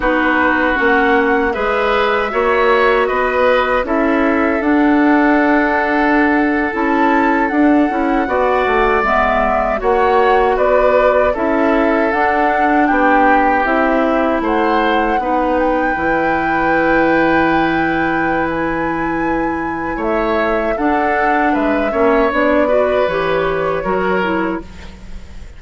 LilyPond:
<<
  \new Staff \with { instrumentName = "flute" } { \time 4/4 \tempo 4 = 78 b'4 fis''4 e''2 | dis''4 e''4 fis''2~ | fis''8. a''4 fis''2 e''16~ | e''8. fis''4 d''4 e''4 fis''16~ |
fis''8. g''4 e''4 fis''4~ fis''16~ | fis''16 g''2.~ g''8. | gis''2 e''4 fis''4 | e''4 d''4 cis''2 | }
  \new Staff \with { instrumentName = "oboe" } { \time 4/4 fis'2 b'4 cis''4 | b'4 a'2.~ | a'2~ a'8. d''4~ d''16~ | d''8. cis''4 b'4 a'4~ a'16~ |
a'8. g'2 c''4 b'16~ | b'1~ | b'2 cis''4 a'4 | b'8 cis''4 b'4. ais'4 | }
  \new Staff \with { instrumentName = "clarinet" } { \time 4/4 dis'4 cis'4 gis'4 fis'4~ | fis'4 e'4 d'2~ | d'8. e'4 d'8 e'8 fis'4 b16~ | b8. fis'2 e'4 d'16~ |
d'4.~ d'16 e'2 dis'16~ | dis'8. e'2.~ e'16~ | e'2. d'4~ | d'8 cis'8 d'8 fis'8 g'4 fis'8 e'8 | }
  \new Staff \with { instrumentName = "bassoon" } { \time 4/4 b4 ais4 gis4 ais4 | b4 cis'4 d'2~ | d'8. cis'4 d'8 cis'8 b8 a8 gis16~ | gis8. ais4 b4 cis'4 d'16~ |
d'8. b4 c'4 a4 b16~ | b8. e2.~ e16~ | e2 a4 d'4 | gis8 ais8 b4 e4 fis4 | }
>>